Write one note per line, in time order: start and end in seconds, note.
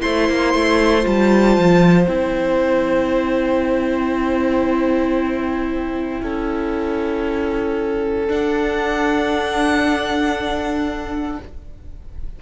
0.00 0.29 A3
0.00 1.02 E4
0.00 6.22 C5
0.00 1.05 C6
0.29 0.54 A#3
0.54 1.05 A3
1.02 1.57 G3
1.02 2.06 F4
1.02 2.08 A5
1.57 2.07 F3
2.07 6.21 C4
2.07 8.27 E4
2.07 8.28 G5
6.21 8.28 C#4
6.21 11.39 A4
8.27 11.37 D4
8.27 11.38 D4
8.27 11.42 F#5